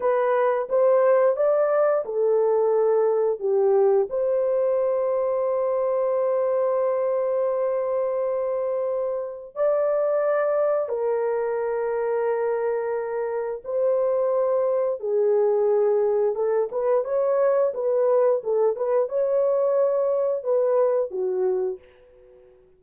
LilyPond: \new Staff \with { instrumentName = "horn" } { \time 4/4 \tempo 4 = 88 b'4 c''4 d''4 a'4~ | a'4 g'4 c''2~ | c''1~ | c''2 d''2 |
ais'1 | c''2 gis'2 | a'8 b'8 cis''4 b'4 a'8 b'8 | cis''2 b'4 fis'4 | }